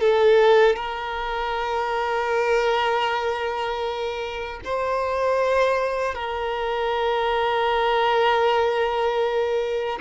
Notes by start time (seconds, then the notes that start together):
0.00 A4
0.76 A#4
4.64 C5
6.14 A#4